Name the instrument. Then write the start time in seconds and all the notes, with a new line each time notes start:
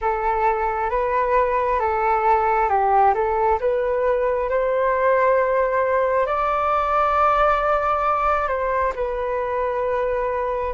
flute
0.01 A4
0.90 B4
1.79 A4
2.69 G4
3.14 A4
3.60 B4
4.49 C5
6.26 D5
8.47 C5
8.95 B4